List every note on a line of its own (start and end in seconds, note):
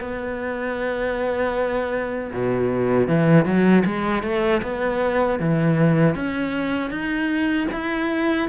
0.00 2.31 B3
2.33 3.08 B2
3.08 3.45 E3
3.45 3.84 F#3
3.85 4.23 G#3
4.23 4.62 A3
4.63 5.40 B3
5.40 6.15 E3
6.15 6.91 C#4
6.91 7.67 D#4
7.72 8.49 E4